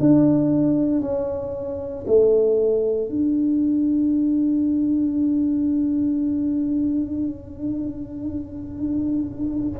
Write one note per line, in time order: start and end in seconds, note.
0.00 1.02 D4
1.02 2.05 C#4
2.07 3.09 A3
3.09 9.80 D4